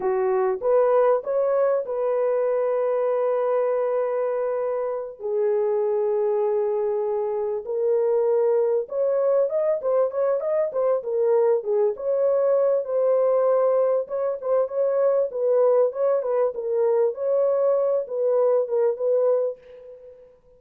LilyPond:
\new Staff \with { instrumentName = "horn" } { \time 4/4 \tempo 4 = 98 fis'4 b'4 cis''4 b'4~ | b'1~ | b'8 gis'2.~ gis'8~ | gis'8 ais'2 cis''4 dis''8 |
c''8 cis''8 dis''8 c''8 ais'4 gis'8 cis''8~ | cis''4 c''2 cis''8 c''8 | cis''4 b'4 cis''8 b'8 ais'4 | cis''4. b'4 ais'8 b'4 | }